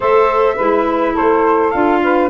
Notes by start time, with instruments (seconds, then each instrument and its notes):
0.00 tuba A3, clarinet A4, saxophone C5, flute E5
0.55 tuba G#3, clarinet E4, saxophone B4
1.13 tuba A3, saxophone A4, flute C5
1.71 tuba D4, clarinet F4, flute F5
2.03 saxophone B4